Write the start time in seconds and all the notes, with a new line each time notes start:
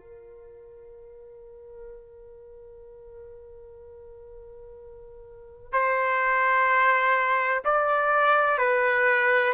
0.00 A#4
5.73 C5
7.65 D5
8.58 B4